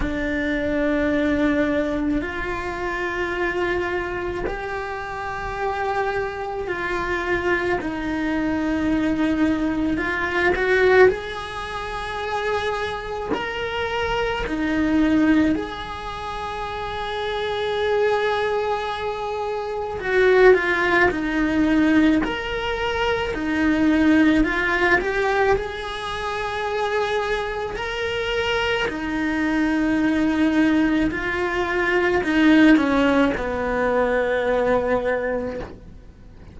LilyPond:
\new Staff \with { instrumentName = "cello" } { \time 4/4 \tempo 4 = 54 d'2 f'2 | g'2 f'4 dis'4~ | dis'4 f'8 fis'8 gis'2 | ais'4 dis'4 gis'2~ |
gis'2 fis'8 f'8 dis'4 | ais'4 dis'4 f'8 g'8 gis'4~ | gis'4 ais'4 dis'2 | f'4 dis'8 cis'8 b2 | }